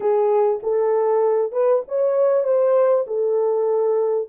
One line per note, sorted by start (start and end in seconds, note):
0.00 0.60 G#4
0.63 1.51 A4
1.51 1.82 B4
1.88 2.43 C#5
2.43 3.04 C5
3.06 4.28 A4